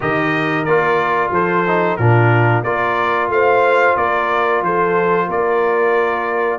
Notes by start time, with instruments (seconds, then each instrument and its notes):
0.00 tuba D#3, trombone G4, horn A#4, trumpet D#5
0.64 tuba A#3, trombone F4, trumpet D5
1.30 tuba F3, horn A4, trumpet C5
1.66 trombone D#4
1.96 tuba A#2, trombone D4, horn F4, trumpet A#4
2.63 tuba A#3, trombone F4, horn A#4, trumpet D5
3.28 tuba A3, horn C5, trumpet F5
3.96 tuba A#3, horn A#4, trumpet D5
4.62 tuba F3, horn A4, trumpet C5
5.26 tuba A#3, horn A#4, trumpet D5